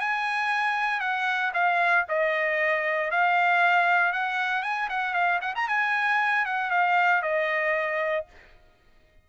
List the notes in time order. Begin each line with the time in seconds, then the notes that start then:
0.00 G#5
1.00 F#5
1.54 F5
2.09 D#5
3.12 F5
4.13 F#5
4.63 G#5
4.89 F#5
5.14 F5
5.42 F#5
5.56 A#5
5.68 G#5
6.46 F#5
6.71 F5
7.22 D#5